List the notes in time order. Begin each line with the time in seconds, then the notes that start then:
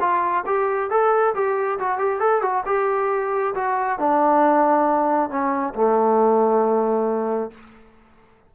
0.00 F4
0.46 G4
0.90 A4
1.35 G4
1.79 F#4
1.98 G4
2.20 A4
2.42 F#4
2.66 G4
3.55 F#4
3.99 D4
5.30 C#4
5.75 A3